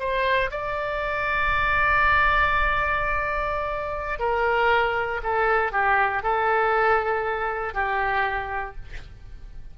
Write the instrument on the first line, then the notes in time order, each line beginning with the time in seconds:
oboe
0.00 C5
0.51 D5
4.19 A#4
5.23 A4
5.72 G4
6.23 A4
7.74 G4